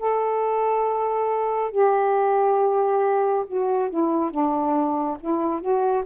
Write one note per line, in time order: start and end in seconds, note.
0.00 1.72 A4
1.72 3.45 G4
3.47 3.91 F#4
3.91 4.31 E4
4.31 5.18 D4
5.21 5.61 E4
5.61 6.04 F#4